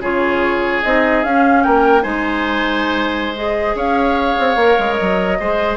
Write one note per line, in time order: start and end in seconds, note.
0.00 0.81 C#3
0.00 0.83 F4
0.00 1.63 G#4
0.00 0.83 C#5
0.83 1.24 C4
0.83 1.25 D#4
0.83 1.24 D#5
1.24 1.65 C#4
1.24 2.02 C#4
1.24 1.63 F5
1.63 2.05 A#3
1.63 2.03 A#4
1.63 2.03 G5
2.02 3.75 G#3
2.02 3.34 D#4
2.02 3.75 C5
2.02 3.34 G#5
3.36 4.58 G#4
3.36 3.76 D#5
3.75 4.36 C#4
3.75 5.38 C#5
3.75 4.95 F5
4.39 4.56 C4
4.56 4.76 A#3
4.56 5.40 A#4
4.79 4.99 G#3
4.95 5.40 F#3
4.95 5.76 D#5
5.40 5.77 G#3
5.40 5.77 G#4
5.40 5.77 C5